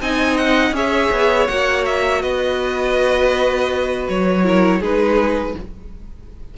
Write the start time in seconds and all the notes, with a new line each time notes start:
0.00 C4 D#4 D#5 G#5
0.37 F#5
0.71 C#4 G#4 C#5 E5
1.11 B3
1.47 A#3 F#4 F#5
1.85 E5
2.22 B3 B4 D#5
4.08 F#3 C#5
4.43 E4 A#4
4.80 G#3 D#4 G#4 B4